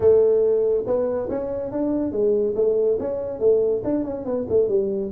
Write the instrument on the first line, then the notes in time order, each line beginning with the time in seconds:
tuba
0.00 A3
0.86 B3
1.29 C#4
1.71 D4
2.12 G#3
2.55 A3
2.99 C#4
3.39 A3
3.84 D4
4.04 C#4
4.25 B3
4.49 A3
4.68 G3